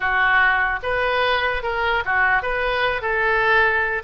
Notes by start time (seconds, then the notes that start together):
0.00 F#4
0.82 B4
1.63 A#4
2.05 F#4
2.42 B4
3.01 A4